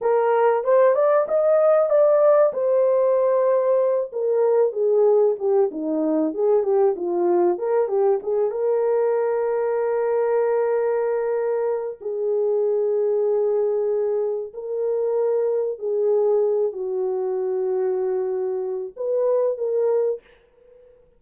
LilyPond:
\new Staff \with { instrumentName = "horn" } { \time 4/4 \tempo 4 = 95 ais'4 c''8 d''8 dis''4 d''4 | c''2~ c''8 ais'4 gis'8~ | gis'8 g'8 dis'4 gis'8 g'8 f'4 | ais'8 g'8 gis'8 ais'2~ ais'8~ |
ais'2. gis'4~ | gis'2. ais'4~ | ais'4 gis'4. fis'4.~ | fis'2 b'4 ais'4 | }